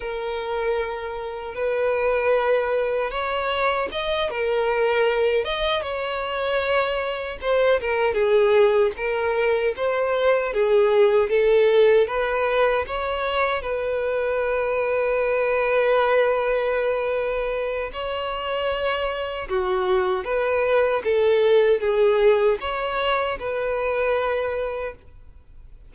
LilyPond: \new Staff \with { instrumentName = "violin" } { \time 4/4 \tempo 4 = 77 ais'2 b'2 | cis''4 dis''8 ais'4. dis''8 cis''8~ | cis''4. c''8 ais'8 gis'4 ais'8~ | ais'8 c''4 gis'4 a'4 b'8~ |
b'8 cis''4 b'2~ b'8~ | b'2. cis''4~ | cis''4 fis'4 b'4 a'4 | gis'4 cis''4 b'2 | }